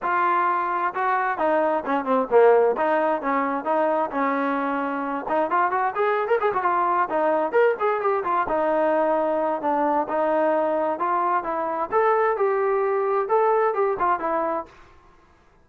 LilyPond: \new Staff \with { instrumentName = "trombone" } { \time 4/4 \tempo 4 = 131 f'2 fis'4 dis'4 | cis'8 c'8 ais4 dis'4 cis'4 | dis'4 cis'2~ cis'8 dis'8 | f'8 fis'8 gis'8. ais'16 gis'16 fis'16 f'4 dis'8~ |
dis'8 ais'8 gis'8 g'8 f'8 dis'4.~ | dis'4 d'4 dis'2 | f'4 e'4 a'4 g'4~ | g'4 a'4 g'8 f'8 e'4 | }